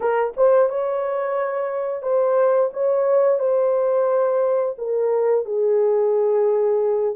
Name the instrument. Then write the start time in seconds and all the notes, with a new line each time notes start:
horn
0.00 A#4
0.36 C5
0.69 C#5
2.02 C5
2.73 C#5
3.39 C5
4.78 A#4
5.45 G#4